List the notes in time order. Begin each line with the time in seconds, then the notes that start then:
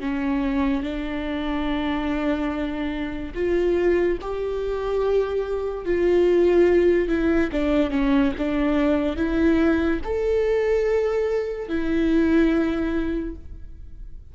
0.00 C#4
0.83 D4
3.35 F4
4.21 G4
5.85 F4
7.09 E4
7.52 D4
7.91 C#4
8.38 D4
9.17 E4
10.04 A4
11.69 E4